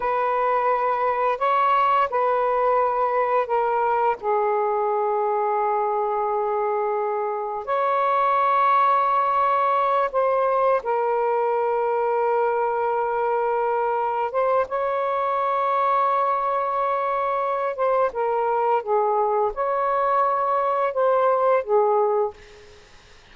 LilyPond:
\new Staff \with { instrumentName = "saxophone" } { \time 4/4 \tempo 4 = 86 b'2 cis''4 b'4~ | b'4 ais'4 gis'2~ | gis'2. cis''4~ | cis''2~ cis''8 c''4 ais'8~ |
ais'1~ | ais'8 c''8 cis''2.~ | cis''4. c''8 ais'4 gis'4 | cis''2 c''4 gis'4 | }